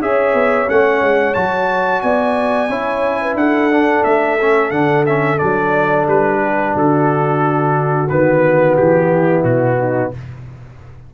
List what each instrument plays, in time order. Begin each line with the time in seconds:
0.00 tuba C#4, trombone G#4, horn C#5, trumpet E5
0.34 tuba B3
0.67 tuba A3, trombone C#4, trumpet F#5
1.02 tuba G#3
1.34 tuba F#3, trombone F#4, trumpet A5
2.01 tuba B3, horn D5, trumpet G#5
2.69 tuba C#4, trombone E4, horn C#5
3.21 horn B4
3.34 tuba D4, horn A4, trumpet F#5
3.71 trombone D4
4.04 tuba A3, trumpet E5
4.40 trombone C#4
4.71 tuba D3, trombone D4, trumpet F#5
5.06 trombone C#4, trumpet E5
5.37 tuba F#3, trombone D4, trumpet D5
6.06 tuba G3, trumpet B4
6.42 horn G4
6.74 tuba D3, horn F#4, trumpet A4
8.09 tuba D#3, trombone B3, trumpet B4
8.76 tuba E3, trumpet G4
9.11 horn E4
9.44 tuba B2, trumpet F#4
9.79 horn D#4